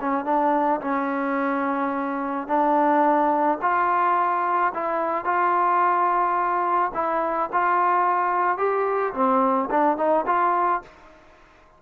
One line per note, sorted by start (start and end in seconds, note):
0.00 0.24 C#4
0.24 0.80 D4
0.80 2.47 C#4
2.47 3.58 D4
3.61 4.72 F4
4.73 5.24 E4
5.24 6.91 F4
6.94 7.49 E4
7.52 8.57 F4
8.57 9.13 G4
9.13 9.69 C4
9.70 9.97 D4
9.97 10.25 D#4
10.26 10.82 F4